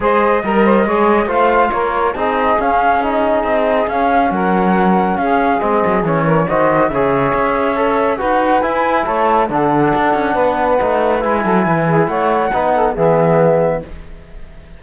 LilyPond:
<<
  \new Staff \with { instrumentName = "flute" } { \time 4/4 \tempo 4 = 139 dis''2. f''4 | cis''4 dis''4 f''4 dis''4~ | dis''4 f''4 fis''2 | f''4 dis''4 cis''4 dis''4 |
e''2. fis''4 | gis''4 a''4 fis''2~ | fis''2 gis''2 | fis''2 e''2 | }
  \new Staff \with { instrumentName = "saxophone" } { \time 4/4 c''4 ais'8 c''8 cis''4 c''4 | ais'4 gis'2.~ | gis'2 ais'2 | gis'2~ gis'8 ais'8 c''4 |
cis''2. b'4~ | b'4 cis''4 a'2 | b'2~ b'8 a'8 b'8 gis'8 | cis''4 b'8 a'8 gis'2 | }
  \new Staff \with { instrumentName = "trombone" } { \time 4/4 gis'4 ais'4 gis'4 f'4~ | f'4 dis'4 cis'4 dis'4~ | dis'4 cis'2.~ | cis'4 c'4 cis'4 fis'4 |
gis'2 a'4 fis'4 | e'2 d'2~ | d'4 dis'4 e'2~ | e'4 dis'4 b2 | }
  \new Staff \with { instrumentName = "cello" } { \time 4/4 gis4 g4 gis4 a4 | ais4 c'4 cis'2 | c'4 cis'4 fis2 | cis'4 gis8 fis8 e4 dis4 |
cis4 cis'2 dis'4 | e'4 a4 d4 d'8 cis'8 | b4 a4 gis8 fis8 e4 | a4 b4 e2 | }
>>